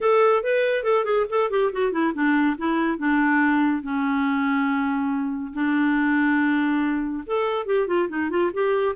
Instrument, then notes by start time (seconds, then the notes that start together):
clarinet
0.00 A4
0.43 B4
0.83 A4
1.04 G#4
1.29 A4
1.50 G4
1.72 F#4
1.91 E4
2.14 D4
2.57 E4
2.98 D4
3.82 C#4
5.53 D4
7.26 A4
7.66 G4
7.87 F4
8.08 D#4
8.30 F4
8.53 G4